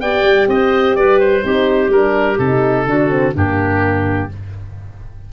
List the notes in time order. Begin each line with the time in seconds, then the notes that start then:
0.00 B3 G4 D5 G5
0.22 G3
0.47 C4 C5 D#5
0.95 G3 B4 D5
1.19 C5
1.43 C4 D#4 G4
1.89 G3 D4 A#4
2.38 C3 D#4 A4
2.85 D3 D4 F#4
3.09 C4
3.33 G2 A#3 D4 G4